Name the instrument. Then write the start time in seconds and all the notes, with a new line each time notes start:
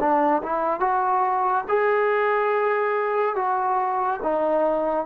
trombone
0.00 D4
0.43 E4
0.80 F#4
1.69 G#4
3.36 F#4
4.23 D#4